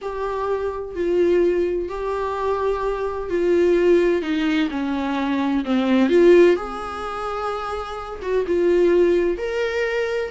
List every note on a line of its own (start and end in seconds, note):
0.01 0.95 G4
0.95 1.89 F4
1.89 3.29 G4
3.29 4.22 F4
4.22 4.69 D#4
4.70 5.64 C#4
5.64 6.09 C4
6.09 6.56 F4
6.56 8.20 G#4
8.22 8.45 F#4
8.47 9.37 F4
9.37 10.30 A#4